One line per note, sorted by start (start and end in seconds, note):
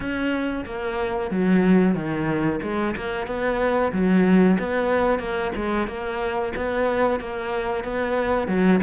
0.00 0.64 C#4
0.65 1.30 A#3
1.30 1.94 F#3
1.94 2.60 D#3
2.62 2.95 G#3
2.96 3.26 A#3
3.26 3.92 B3
3.92 4.57 F#3
4.58 5.19 B3
5.19 5.51 A#3
5.55 5.87 G#3
5.87 6.52 A#3
6.55 7.20 B3
7.20 7.83 A#3
7.83 8.47 B3
8.47 8.80 F#3